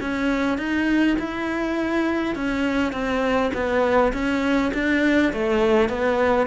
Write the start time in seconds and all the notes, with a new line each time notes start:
0.00 C#4
0.57 D#4
1.19 E4
2.35 C#4
2.92 C4
3.53 B3
4.13 C#4
4.73 D4
5.33 A3
5.89 B3